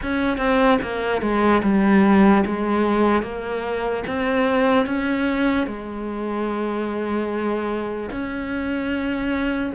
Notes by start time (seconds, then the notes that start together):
0.02 C#4
0.37 C4
0.82 A#3
1.21 G#3
1.63 G3
2.45 G#3
3.22 A#3
4.07 C4
4.85 C#4
5.66 G#3
8.10 C#4